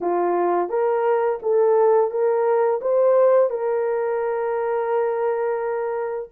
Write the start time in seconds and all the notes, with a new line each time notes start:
0.00 F4
0.69 A#4
1.42 A4
2.10 A#4
2.81 C5
3.49 A#4